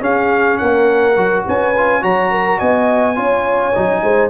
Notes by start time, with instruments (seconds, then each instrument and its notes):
0.00 trombone C#4, tuba C#4, horn G#4, trumpet F5
0.58 tuba A#3, horn A#4, trumpet F#5
1.17 tuba F#3, trombone F#4
1.47 tuba C#4, horn B4, trumpet G#5
1.77 trombone F4
2.02 tuba F#3, trombone F#4, horn C#5, trumpet A#5
2.31 horn A#4
2.59 tuba B3, horn D#5, trumpet G#5
3.16 tuba C#4, trombone F4, horn C#5
3.75 tuba F#3, trombone D#4
4.03 tuba G#3, horn C5